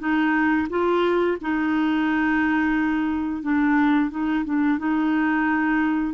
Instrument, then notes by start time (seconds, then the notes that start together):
clarinet
0.00 D#4
0.70 F4
1.42 D#4
3.43 D4
4.11 D#4
4.45 D4
4.79 D#4